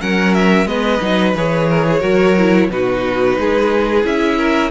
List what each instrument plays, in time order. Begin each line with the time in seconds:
0.00 cello F#3, viola C#4, violin A#4 F#5
0.33 violin E5
0.65 cello G#3, viola B3, violin B4 D#5
1.01 cello F#3, viola D#4
1.34 cello E3, viola G#4, violin C#5
1.69 violin A#4
1.86 violin G#4
1.99 cello F#3, viola F#4, violin A#4
2.38 viola E4
2.69 cello B2, viola D#4, violin F#4 B4
3.37 cello G#3, violin G#4
4.03 cello C#4, viola E4, violin E5
4.37 violin A#4